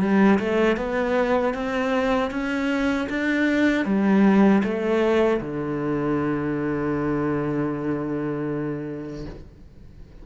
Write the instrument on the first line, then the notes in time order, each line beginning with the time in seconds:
cello
0.00 G3
0.39 A3
0.77 B3
1.54 C4
2.31 C#4
3.09 D4
3.85 G3
4.63 A3
5.41 D3